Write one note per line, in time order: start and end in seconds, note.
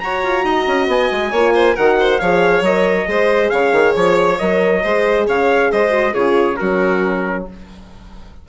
0.00 1.34 F#4
0.00 0.24 F#4
0.00 0.45 C#5
0.00 0.88 A#5
0.24 0.44 F4
0.44 0.66 D#4
0.44 1.32 D#5
0.68 0.88 C#4
0.88 1.10 B3
0.88 1.77 G#5
1.12 1.32 G#3
1.32 1.76 A#3
1.32 1.78 F4
1.32 1.53 C#5
1.54 1.75 C5
1.75 2.21 D#3
1.75 2.21 F#4
1.75 1.97 A#4
1.75 2.19 F#5
2.00 2.20 C5
2.19 2.62 F3
2.19 2.65 G#4
2.19 3.08 C#5
2.19 2.63 F5
2.62 3.05 F#3
2.62 3.06 A#4
2.62 3.50 D#5
3.06 3.52 G#3
3.06 4.37 G#4
3.06 3.51 C5
3.50 3.73 C#3
3.50 4.82 C#5
3.50 3.93 F5
3.73 3.95 D#3
3.96 4.40 F3
3.96 4.39 C#5
4.39 4.85 F#3
4.39 4.84 A#4
4.39 5.27 D#5
4.83 5.28 G#3
4.83 5.91 G#4
4.83 5.27 C5
5.27 5.72 C#3
5.27 5.71 C#5
5.27 5.72 F5
5.72 6.15 G#3
5.72 6.13 C5
5.72 6.15 D#5
5.91 6.13 F#4
6.13 6.59 C#3
6.13 6.58 F4
6.13 6.57 G#4
6.13 6.57 C#5
6.57 7.49 F#3
6.57 7.49 C#4
6.57 7.47 F#4
6.57 7.44 A#4